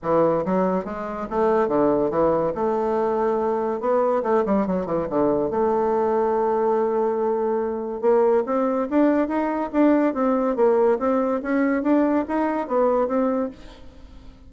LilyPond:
\new Staff \with { instrumentName = "bassoon" } { \time 4/4 \tempo 4 = 142 e4 fis4 gis4 a4 | d4 e4 a2~ | a4 b4 a8 g8 fis8 e8 | d4 a2.~ |
a2. ais4 | c'4 d'4 dis'4 d'4 | c'4 ais4 c'4 cis'4 | d'4 dis'4 b4 c'4 | }